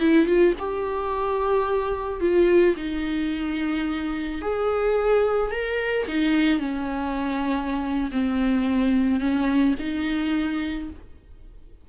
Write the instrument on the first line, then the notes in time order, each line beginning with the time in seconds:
viola
0.00 E4
0.26 F4
0.59 G4
2.20 F4
2.76 D#4
4.41 G#4
5.51 A#4
6.08 D#4
6.59 C#4
8.11 C4
9.20 C#4
9.79 D#4